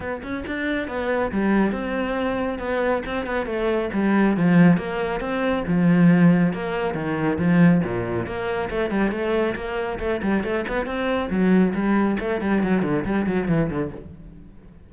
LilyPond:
\new Staff \with { instrumentName = "cello" } { \time 4/4 \tempo 4 = 138 b8 cis'8 d'4 b4 g4 | c'2 b4 c'8 b8 | a4 g4 f4 ais4 | c'4 f2 ais4 |
dis4 f4 ais,4 ais4 | a8 g8 a4 ais4 a8 g8 | a8 b8 c'4 fis4 g4 | a8 g8 fis8 d8 g8 fis8 e8 d8 | }